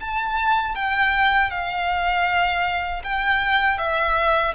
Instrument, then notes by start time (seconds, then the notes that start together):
violin
0.00 A5
0.75 G5
1.50 F5
3.03 G5
3.78 E5